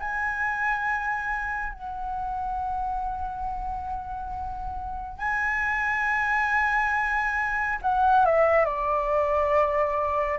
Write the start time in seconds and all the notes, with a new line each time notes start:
0.00 G#5
1.73 F#5
5.19 G#5
7.82 F#5
8.26 E5
8.65 D5